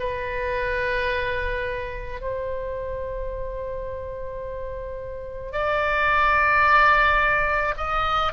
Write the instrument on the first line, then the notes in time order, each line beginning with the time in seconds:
oboe
0.00 B4
2.21 C5
5.53 D5
7.77 D#5